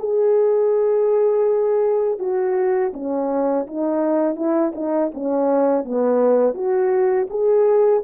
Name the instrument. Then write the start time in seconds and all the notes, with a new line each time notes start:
horn
0.00 G#4
2.19 F#4
2.94 C#4
3.67 D#4
4.36 E4
4.76 D#4
5.15 C#4
5.85 B3
6.55 F#4
7.30 G#4